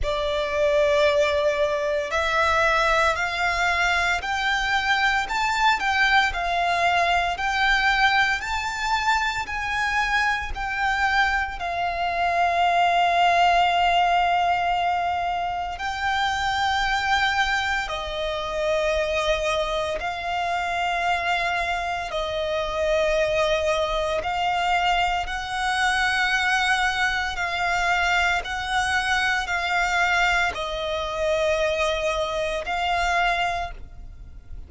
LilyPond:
\new Staff \with { instrumentName = "violin" } { \time 4/4 \tempo 4 = 57 d''2 e''4 f''4 | g''4 a''8 g''8 f''4 g''4 | a''4 gis''4 g''4 f''4~ | f''2. g''4~ |
g''4 dis''2 f''4~ | f''4 dis''2 f''4 | fis''2 f''4 fis''4 | f''4 dis''2 f''4 | }